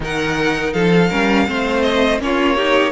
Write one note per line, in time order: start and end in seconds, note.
0.00 0.72 D#3
0.00 1.08 D#4
0.00 0.73 A#4
0.00 0.73 F#5
0.73 1.10 F3
0.73 1.09 A4
0.73 1.82 F5
1.09 1.47 G3
1.09 1.46 C#4
1.09 1.45 A#4
1.46 2.19 A3
1.46 2.19 C4
1.46 2.21 C5
1.82 2.18 D#5
2.19 2.91 A#3
2.19 2.56 C#4
2.19 2.55 F4
2.19 2.91 C#5
2.55 2.91 D#4
2.55 2.91 G4